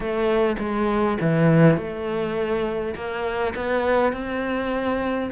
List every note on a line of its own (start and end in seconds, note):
0.00 0.56 A3
0.59 1.17 G#3
1.20 1.77 E3
1.77 2.94 A3
2.95 3.54 A#3
3.55 4.12 B3
4.12 5.30 C4